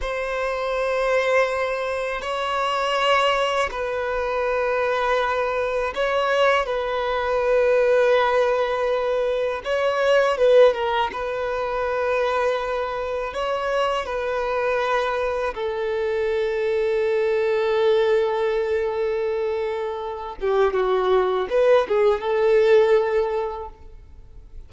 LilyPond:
\new Staff \with { instrumentName = "violin" } { \time 4/4 \tempo 4 = 81 c''2. cis''4~ | cis''4 b'2. | cis''4 b'2.~ | b'4 cis''4 b'8 ais'8 b'4~ |
b'2 cis''4 b'4~ | b'4 a'2.~ | a'2.~ a'8 g'8 | fis'4 b'8 gis'8 a'2 | }